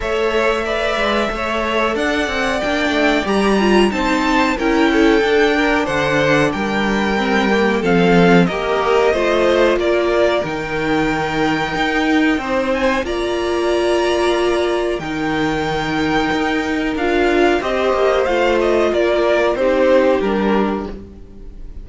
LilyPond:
<<
  \new Staff \with { instrumentName = "violin" } { \time 4/4 \tempo 4 = 92 e''2. fis''4 | g''4 ais''4 a''4 g''4~ | g''4 fis''4 g''2 | f''4 dis''2 d''4 |
g''2.~ g''8 gis''8 | ais''2. g''4~ | g''2 f''4 dis''4 | f''8 dis''8 d''4 c''4 ais'4 | }
  \new Staff \with { instrumentName = "violin" } { \time 4/4 cis''4 d''4 cis''4 d''4~ | d''2 c''4 ais'8 a'8~ | a'8 ais'8 c''4 ais'2 | a'4 ais'4 c''4 ais'4~ |
ais'2. c''4 | d''2. ais'4~ | ais'2. c''4~ | c''4 ais'4 g'2 | }
  \new Staff \with { instrumentName = "viola" } { \time 4/4 a'4 b'4 a'2 | d'4 g'8 f'8 dis'4 e'4 | d'2. c'8 ais8 | c'4 g'4 f'2 |
dis'1 | f'2. dis'4~ | dis'2 f'4 g'4 | f'2 dis'4 d'4 | }
  \new Staff \with { instrumentName = "cello" } { \time 4/4 a4. gis8 a4 d'8 c'8 | ais8 a8 g4 c'4 cis'4 | d'4 d4 g2 | f4 ais4 a4 ais4 |
dis2 dis'4 c'4 | ais2. dis4~ | dis4 dis'4 d'4 c'8 ais8 | a4 ais4 c'4 g4 | }
>>